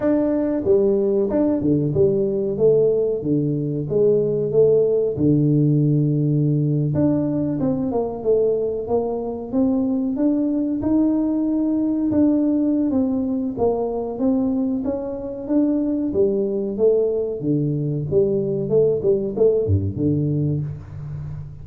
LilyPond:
\new Staff \with { instrumentName = "tuba" } { \time 4/4 \tempo 4 = 93 d'4 g4 d'8 d8 g4 | a4 d4 gis4 a4 | d2~ d8. d'4 c'16~ | c'16 ais8 a4 ais4 c'4 d'16~ |
d'8. dis'2 d'4~ d'16 | c'4 ais4 c'4 cis'4 | d'4 g4 a4 d4 | g4 a8 g8 a8 g,8 d4 | }